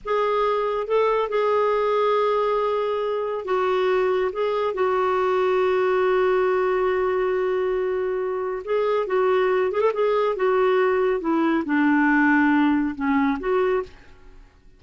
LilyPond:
\new Staff \with { instrumentName = "clarinet" } { \time 4/4 \tempo 4 = 139 gis'2 a'4 gis'4~ | gis'1 | fis'2 gis'4 fis'4~ | fis'1~ |
fis'1 | gis'4 fis'4. gis'16 a'16 gis'4 | fis'2 e'4 d'4~ | d'2 cis'4 fis'4 | }